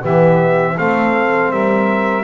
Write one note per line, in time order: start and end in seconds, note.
0.00 0.78 E3
0.00 0.75 B3
0.00 0.74 G4
0.00 0.78 E5
0.78 1.51 A3
0.78 2.23 C4
0.78 1.51 A4
0.78 1.52 F5
1.51 2.23 G3
1.51 2.23 A#4
1.51 2.23 E5